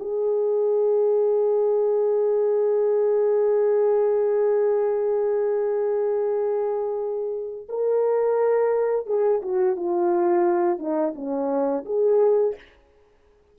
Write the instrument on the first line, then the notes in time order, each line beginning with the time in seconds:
horn
0.00 G#4
7.69 A#4
9.07 G#4
9.42 F#4
9.76 F4
10.79 D#4
11.16 C#4
11.86 G#4